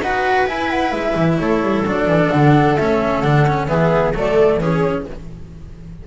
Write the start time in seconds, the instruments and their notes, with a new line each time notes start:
0.00 double bass D#4, cello F#4, viola B4, flute F#5
0.47 double bass E4, cello E4, flute G#5
0.70 flute F#5
0.91 double bass G#3, flute E5
1.16 double bass E3
1.38 double bass A3, viola A4, flute C#5
1.62 double bass G3
1.86 double bass F#3, cello D4, flute D5
2.07 double bass E3
2.31 double bass D3, flute F#5
2.77 double bass A3, cello C#4, flute E5
3.21 double bass D3, cello D4, flute F#5
3.47 cello C#4
3.67 double bass E3, cello B3, viola G#4, flute E5
4.13 double bass F#3, cello A3, viola A4, flute D5
4.58 double bass E3, cello C#4, viola G#4, flute C#5